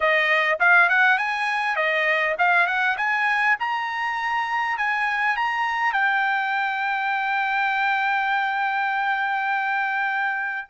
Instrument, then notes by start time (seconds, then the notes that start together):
trumpet
0.00 D#5
0.59 F5
0.89 F#5
1.18 G#5
1.76 D#5
2.38 F5
2.67 F#5
2.97 G#5
3.59 A#5
4.77 G#5
5.36 A#5
5.92 G5